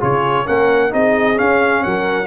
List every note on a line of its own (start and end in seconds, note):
0.00 0.47 C#3
0.00 0.45 F4
0.00 0.46 G#4
0.00 0.47 C#5
0.46 0.93 A#3
0.46 0.90 C#4
0.46 0.91 A#4
0.46 0.93 F#5
0.90 1.39 C4
0.90 1.35 D#4
0.90 1.83 G#4
0.90 1.38 D#5
1.35 2.25 C#4
1.35 1.85 C#4
1.35 1.83 F5
1.83 2.26 F#3
1.83 2.26 A#4
1.83 2.26 F#5